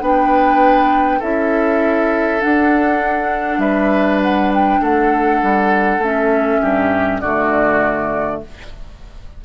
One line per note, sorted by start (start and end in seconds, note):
0.00 1.20 B3
0.00 1.21 D4
0.00 1.19 B4
0.00 1.21 G5
1.19 2.42 C#4
1.19 2.40 E4
1.19 3.59 A4
1.19 2.41 E5
2.40 6.00 D4
2.40 3.58 D4
2.40 3.60 F#5
3.58 4.78 G3
3.58 4.80 B4
3.58 4.20 E5
4.22 4.52 F#5
4.54 4.83 G5
4.81 5.41 A3
4.81 6.61 A4
4.81 6.03 F#5
5.42 5.98 G3
5.98 6.58 A3
5.98 7.23 C#4
5.98 7.20 E5
6.61 7.22 G2
6.61 7.21 G4
7.20 8.42 D3
7.20 8.44 A3
7.20 8.40 F#4
7.20 8.40 D5